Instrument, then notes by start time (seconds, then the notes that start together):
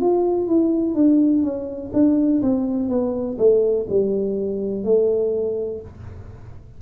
tuba
0.00 F4
0.47 E4
0.94 D4
1.43 C#4
1.93 D4
2.42 C4
2.89 B3
3.37 A3
3.89 G3
4.84 A3